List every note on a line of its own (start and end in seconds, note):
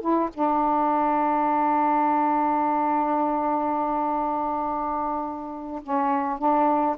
0.00 0.29 E4
0.33 5.81 D4
5.82 6.38 C#4
6.38 6.96 D4